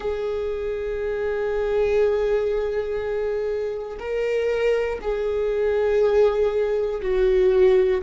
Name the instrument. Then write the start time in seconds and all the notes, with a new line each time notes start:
viola
0.00 G#4
3.99 A#4
5.00 G#4
7.01 F#4